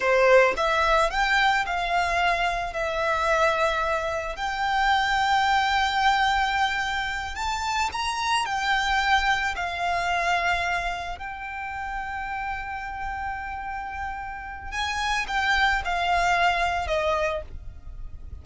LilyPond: \new Staff \with { instrumentName = "violin" } { \time 4/4 \tempo 4 = 110 c''4 e''4 g''4 f''4~ | f''4 e''2. | g''1~ | g''4. a''4 ais''4 g''8~ |
g''4. f''2~ f''8~ | f''8 g''2.~ g''8~ | g''2. gis''4 | g''4 f''2 dis''4 | }